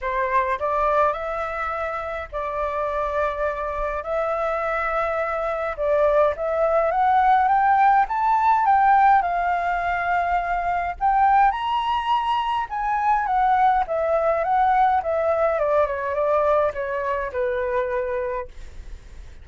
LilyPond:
\new Staff \with { instrumentName = "flute" } { \time 4/4 \tempo 4 = 104 c''4 d''4 e''2 | d''2. e''4~ | e''2 d''4 e''4 | fis''4 g''4 a''4 g''4 |
f''2. g''4 | ais''2 gis''4 fis''4 | e''4 fis''4 e''4 d''8 cis''8 | d''4 cis''4 b'2 | }